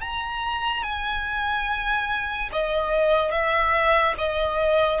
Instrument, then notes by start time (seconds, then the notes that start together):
violin
0.00 A#5
0.83 G#5
2.52 D#5
3.31 E5
4.17 D#5